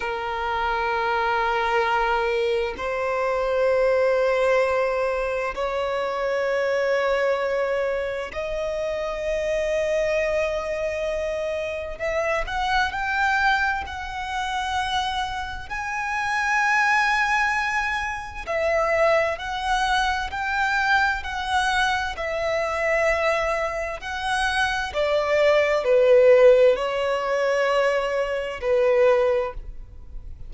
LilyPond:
\new Staff \with { instrumentName = "violin" } { \time 4/4 \tempo 4 = 65 ais'2. c''4~ | c''2 cis''2~ | cis''4 dis''2.~ | dis''4 e''8 fis''8 g''4 fis''4~ |
fis''4 gis''2. | e''4 fis''4 g''4 fis''4 | e''2 fis''4 d''4 | b'4 cis''2 b'4 | }